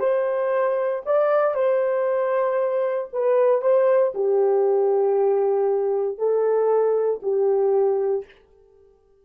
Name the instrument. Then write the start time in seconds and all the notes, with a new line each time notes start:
horn
0.00 C5
1.06 D5
1.55 C5
3.13 B4
3.62 C5
4.15 G4
6.18 A4
7.23 G4